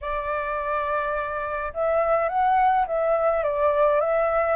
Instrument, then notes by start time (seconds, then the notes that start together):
flute
0.01 D5
1.73 E5
2.28 F#5
2.86 E5
3.43 D5
4.00 E5